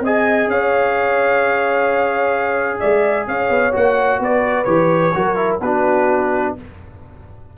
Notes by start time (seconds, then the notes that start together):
0.00 C4 G#4 D#5 G#5
0.47 C#4 C#5 F5
2.79 G#3 D5 E5
3.27 C#4 C#5 F5
3.49 B3
3.72 A#3 F#4 F#5
4.19 B3 B4 D5
4.64 E3 G4 C#5
5.14 F#3 F#4 A#4
5.36 E4
5.61 B3 D4 F#4 B4